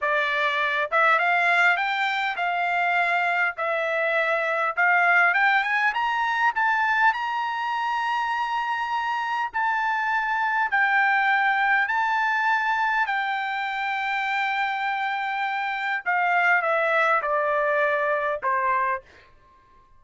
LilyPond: \new Staff \with { instrumentName = "trumpet" } { \time 4/4 \tempo 4 = 101 d''4. e''8 f''4 g''4 | f''2 e''2 | f''4 g''8 gis''8 ais''4 a''4 | ais''1 |
a''2 g''2 | a''2 g''2~ | g''2. f''4 | e''4 d''2 c''4 | }